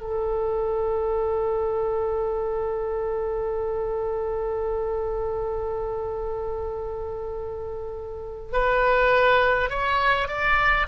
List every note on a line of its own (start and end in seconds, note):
0.00 8.52 A4
8.52 9.70 B4
9.70 10.28 C#5
10.28 10.87 D5